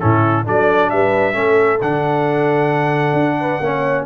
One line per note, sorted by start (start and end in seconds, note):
0.00 0.48 A2
0.00 0.45 C#4
0.00 0.46 E4
0.00 0.45 A4
0.45 0.92 F#3
0.45 1.33 D4
0.45 0.91 A4
0.45 0.90 D5
0.90 1.35 G3
0.90 1.34 B4
0.90 1.80 E5
1.33 1.80 A3
1.33 1.78 C#4
1.33 3.37 A4
1.81 3.13 D3
1.81 3.63 D4
1.81 4.06 F#5
3.13 3.58 D4
3.40 3.63 B4
3.60 4.05 A#3
3.60 4.06 C#4
3.60 4.06 C#5